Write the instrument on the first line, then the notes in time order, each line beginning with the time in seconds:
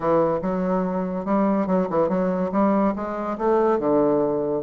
bassoon
0.00 E3
0.41 F#3
1.25 G3
1.66 F#3
1.90 E3
2.09 F#3
2.52 G3
2.95 G#3
3.38 A3
3.79 D3